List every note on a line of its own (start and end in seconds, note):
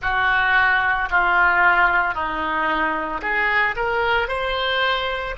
0.02 1.09 F#4
1.10 2.14 F4
2.14 3.21 D#4
3.21 3.75 G#4
3.75 4.28 A#4
4.28 5.35 C5